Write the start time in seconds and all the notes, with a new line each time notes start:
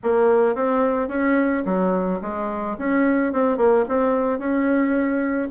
0.03 A#3
0.55 C4
1.08 C#4
1.65 F#3
2.21 G#3
2.78 C#4
3.33 C4
3.57 A#3
3.88 C4
4.38 C#4